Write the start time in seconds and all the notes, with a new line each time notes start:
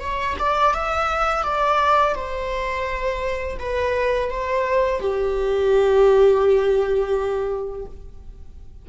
0.00 C#5
0.38 D5
0.74 E5
1.43 D5
2.15 C5
3.58 B4
4.29 C5
5.00 G4